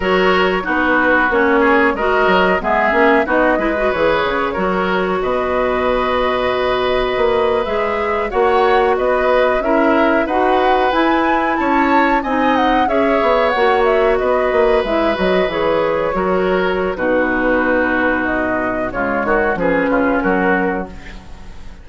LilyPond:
<<
  \new Staff \with { instrumentName = "flute" } { \time 4/4 \tempo 4 = 92 cis''4 b'4 cis''4 dis''4 | e''4 dis''4 cis''2 | dis''2.~ dis''8. e''16~ | e''8. fis''4 dis''4 e''4 fis''16~ |
fis''8. gis''4 a''4 gis''8 fis''8 e''16~ | e''8. fis''8 e''8 dis''4 e''8 dis''8 cis''16~ | cis''2 b'2 | dis''4 cis''4 b'4 ais'4 | }
  \new Staff \with { instrumentName = "oboe" } { \time 4/4 ais'4 fis'4. gis'8 ais'4 | gis'4 fis'8 b'4. ais'4 | b'1~ | b'8. cis''4 b'4 ais'4 b'16~ |
b'4.~ b'16 cis''4 dis''4 cis''16~ | cis''4.~ cis''16 b'2~ b'16~ | b'8. ais'4~ ais'16 fis'2~ | fis'4 f'8 fis'8 gis'8 f'8 fis'4 | }
  \new Staff \with { instrumentName = "clarinet" } { \time 4/4 fis'4 dis'4 cis'4 fis'4 | b8 cis'8 dis'8 e'16 fis'16 gis'4 fis'4~ | fis'2.~ fis'8. gis'16~ | gis'8. fis'2 e'4 fis'16~ |
fis'8. e'2 dis'4 gis'16~ | gis'8. fis'2 e'8 fis'8 gis'16~ | gis'8. fis'4~ fis'16 dis'2~ | dis'4 gis4 cis'2 | }
  \new Staff \with { instrumentName = "bassoon" } { \time 4/4 fis4 b4 ais4 gis8 fis8 | gis8 ais8 b8 gis8 e8 cis8 fis4 | b,2. ais8. gis16~ | gis8. ais4 b4 cis'4 dis'16~ |
dis'8. e'4 cis'4 c'4 cis'16~ | cis'16 b8 ais4 b8 ais8 gis8 fis8 e16~ | e8. fis4~ fis16 b,2~ | b,4 cis8 dis8 f8 cis8 fis4 | }
>>